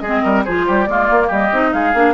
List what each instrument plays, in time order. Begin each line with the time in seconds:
0.00 bassoon G#3, oboe G#4, flute D#5
0.07 clarinet C4
0.23 bassoon G3, oboe A#4
0.45 bassoon F3, clarinet F4, oboe G#4, flute C5
0.67 bassoon G3, oboe G4
0.85 bassoon G#3, clarinet A#3, oboe F4, flute D5
1.11 bassoon A#3
1.28 bassoon G3, oboe G4, flute D#5
1.52 bassoon C4, clarinet D#4
1.73 bassoon G#3, oboe G#4, flute F5
1.94 bassoon A#3, clarinet D4